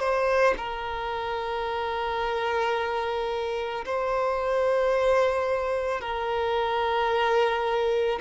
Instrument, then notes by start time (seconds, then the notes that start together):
violin
0.00 C5
0.58 A#4
3.85 C5
6.01 A#4